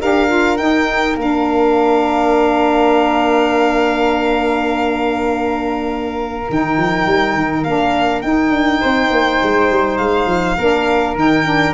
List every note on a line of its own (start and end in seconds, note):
0.00 0.59 D4
0.00 0.28 G4
0.00 8.80 A#4
0.00 0.57 F5
0.28 0.57 F4
0.57 1.17 D#4
0.57 1.16 D#4
0.57 1.16 G5
1.16 6.46 A#3
1.16 6.46 D4
1.16 6.51 F5
6.50 6.77 D#3
6.50 7.67 D#4
6.50 7.64 G5
6.77 7.06 F3
7.06 7.35 G3
7.35 7.65 D#3
7.64 8.24 A#3
7.64 8.23 D4
7.64 8.22 F5
8.22 10.58 D#4
8.22 8.50 D#4
8.22 9.97 G5
8.50 8.80 D4
8.80 9.10 C4
8.80 10.57 C5
9.10 9.40 A#3
9.43 9.70 G#3
9.70 9.99 G3
9.97 10.26 G#3
9.97 11.15 F5
10.26 10.56 F3
10.57 11.16 A#3
10.57 11.17 D4
10.57 11.74 A#4
11.16 11.74 D#3
11.16 11.45 D#4
11.16 11.74 G5
11.45 11.74 D4